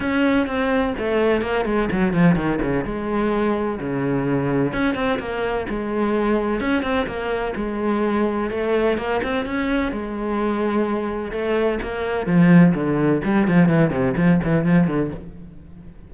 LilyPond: \new Staff \with { instrumentName = "cello" } { \time 4/4 \tempo 4 = 127 cis'4 c'4 a4 ais8 gis8 | fis8 f8 dis8 cis8 gis2 | cis2 cis'8 c'8 ais4 | gis2 cis'8 c'8 ais4 |
gis2 a4 ais8 c'8 | cis'4 gis2. | a4 ais4 f4 d4 | g8 f8 e8 c8 f8 e8 f8 d8 | }